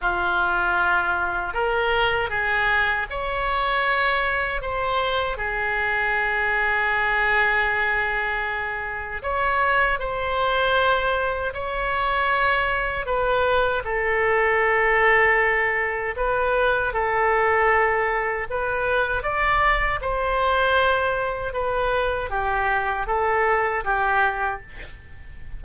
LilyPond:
\new Staff \with { instrumentName = "oboe" } { \time 4/4 \tempo 4 = 78 f'2 ais'4 gis'4 | cis''2 c''4 gis'4~ | gis'1 | cis''4 c''2 cis''4~ |
cis''4 b'4 a'2~ | a'4 b'4 a'2 | b'4 d''4 c''2 | b'4 g'4 a'4 g'4 | }